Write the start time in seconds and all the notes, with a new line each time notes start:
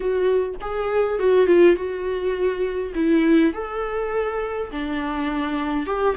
0.00 F#4
0.61 G#4
1.19 F#4
1.46 F4
1.75 F#4
2.94 E4
3.53 A4
4.71 D4
5.86 G4